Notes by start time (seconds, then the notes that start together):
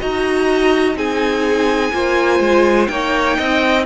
0.00 D#4 F#4 D#5 A#5
0.95 C4 D#4 G#4 G#5
1.93 A#3 F4 C5
2.40 G#3
2.88 A#3 D#4 C#5 G5
3.38 C4 D#5